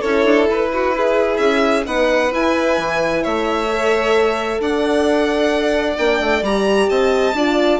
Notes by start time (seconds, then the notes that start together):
0.00 C#4 E4 A4 C#5
0.24 D4
0.49 E4 B4
0.73 F#4
0.96 G#4
1.37 C#4 E5
1.84 B3 D#4 B4 F#5
2.31 E4 G#5
2.77 E3
3.22 A3 C#5 E5
3.69 A4
4.59 D4 D5 F#5
5.97 A#3 D4 G5
6.19 A3
6.41 G3 G4 A#5
6.89 C4 D#5 A5
7.34 D4 F4 D5